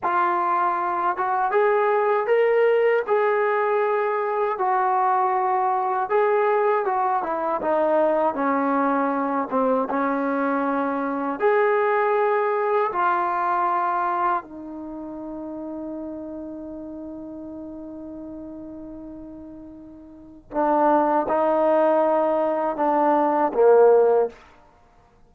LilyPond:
\new Staff \with { instrumentName = "trombone" } { \time 4/4 \tempo 4 = 79 f'4. fis'8 gis'4 ais'4 | gis'2 fis'2 | gis'4 fis'8 e'8 dis'4 cis'4~ | cis'8 c'8 cis'2 gis'4~ |
gis'4 f'2 dis'4~ | dis'1~ | dis'2. d'4 | dis'2 d'4 ais4 | }